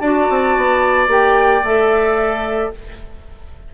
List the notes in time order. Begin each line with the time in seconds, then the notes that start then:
0.00 D4 F#4 D5 A5
0.30 C4
0.56 B3
1.08 A#3 G4 G5
1.63 A3 A4 E5